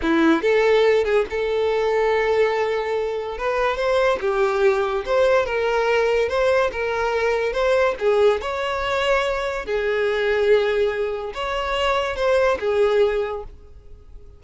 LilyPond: \new Staff \with { instrumentName = "violin" } { \time 4/4 \tempo 4 = 143 e'4 a'4. gis'8 a'4~ | a'1 | b'4 c''4 g'2 | c''4 ais'2 c''4 |
ais'2 c''4 gis'4 | cis''2. gis'4~ | gis'2. cis''4~ | cis''4 c''4 gis'2 | }